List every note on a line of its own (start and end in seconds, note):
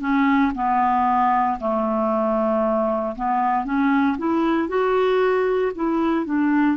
0.00 0.52 C#4
0.55 1.58 B3
1.59 3.15 A3
3.16 3.64 B3
3.64 4.16 C#4
4.18 4.68 E4
4.68 5.72 F#4
5.75 6.25 E4
6.25 6.77 D4